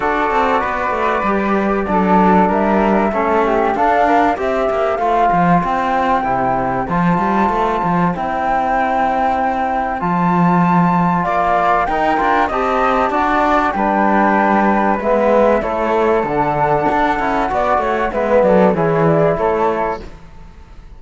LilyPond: <<
  \new Staff \with { instrumentName = "flute" } { \time 4/4 \tempo 4 = 96 d''1 | e''2 f''4 e''4 | f''4 g''2 a''4~ | a''4 g''2. |
a''2 f''4 g''4 | a''2 g''2 | e''4 cis''4 fis''2~ | fis''4 e''8 d''8 cis''8 d''8 cis''4 | }
  \new Staff \with { instrumentName = "flute" } { \time 4/4 a'4 b'2 a'4 | ais'4 a'8 g'8 a'8 ais'8 c''4~ | c''1~ | c''1~ |
c''2 d''4 ais'4 | dis''4 d''4 b'2~ | b'4 a'2. | d''8 cis''8 b'8 a'8 gis'4 a'4 | }
  \new Staff \with { instrumentName = "trombone" } { \time 4/4 fis'2 g'4 d'4~ | d'4 cis'4 d'4 g'4 | f'2 e'4 f'4~ | f'4 e'2. |
f'2. dis'8 f'8 | g'4 fis'4 d'2 | b4 e'4 d'4. e'8 | fis'4 b4 e'2 | }
  \new Staff \with { instrumentName = "cello" } { \time 4/4 d'8 c'8 b8 a8 g4 fis4 | g4 a4 d'4 c'8 ais8 | a8 f8 c'4 c4 f8 g8 | a8 f8 c'2. |
f2 ais4 dis'8 d'8 | c'4 d'4 g2 | gis4 a4 d4 d'8 cis'8 | b8 a8 gis8 fis8 e4 a4 | }
>>